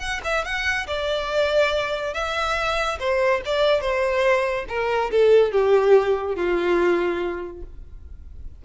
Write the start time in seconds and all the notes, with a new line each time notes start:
0.00 F#5
0.25 E5
0.45 F#5
0.88 D5
2.15 E5
3.00 C5
3.46 D5
3.81 C5
4.69 A#4
5.12 A4
5.52 G4
6.36 F4